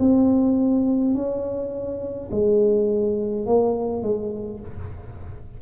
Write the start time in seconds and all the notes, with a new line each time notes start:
0.00 C4
1.15 C#4
2.31 G#3
3.46 A#3
4.03 G#3